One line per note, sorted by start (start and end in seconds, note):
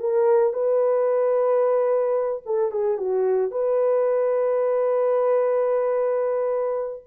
0.00 0.54 A#4
0.54 2.43 B4
2.46 2.71 A4
2.71 2.98 G#4
2.98 3.52 F#4
3.52 7.03 B4